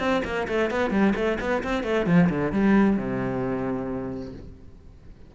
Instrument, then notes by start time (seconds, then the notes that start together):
cello
0.00 C4
0.25 A#3
0.48 A3
0.71 B3
0.91 G3
1.16 A3
1.40 B3
1.64 C4
1.84 A3
2.06 F3
2.30 D3
2.53 G3
2.97 C3